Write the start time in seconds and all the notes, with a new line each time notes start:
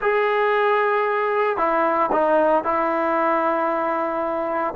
0.01 G#4
1.57 E4
2.11 D#4
2.64 E4